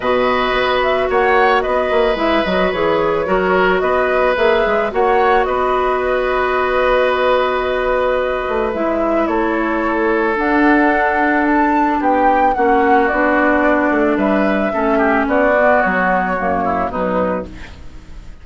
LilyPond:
<<
  \new Staff \with { instrumentName = "flute" } { \time 4/4 \tempo 4 = 110 dis''4. e''8 fis''4 dis''4 | e''8 dis''8 cis''2 dis''4 | e''4 fis''4 dis''2~ | dis''1 |
e''4 cis''2 fis''4~ | fis''4 a''4 g''4 fis''4 | d''2 e''2 | d''4 cis''2 b'4 | }
  \new Staff \with { instrumentName = "oboe" } { \time 4/4 b'2 cis''4 b'4~ | b'2 ais'4 b'4~ | b'4 cis''4 b'2~ | b'1~ |
b'4 a'2.~ | a'2 g'4 fis'4~ | fis'2 b'4 a'8 g'8 | fis'2~ fis'8 e'8 dis'4 | }
  \new Staff \with { instrumentName = "clarinet" } { \time 4/4 fis'1 | e'8 fis'8 gis'4 fis'2 | gis'4 fis'2.~ | fis'1 |
e'2. d'4~ | d'2. cis'4 | d'2. cis'4~ | cis'8 b4. ais4 fis4 | }
  \new Staff \with { instrumentName = "bassoon" } { \time 4/4 b,4 b4 ais4 b8 ais8 | gis8 fis8 e4 fis4 b4 | ais8 gis8 ais4 b2~ | b2.~ b8 a8 |
gis4 a2 d'4~ | d'2 b4 ais4 | b4. a8 g4 a4 | b4 fis4 fis,4 b,4 | }
>>